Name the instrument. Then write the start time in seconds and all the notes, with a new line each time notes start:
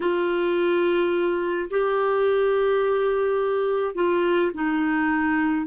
clarinet
0.00 F4
1.70 G4
3.95 F4
4.53 D#4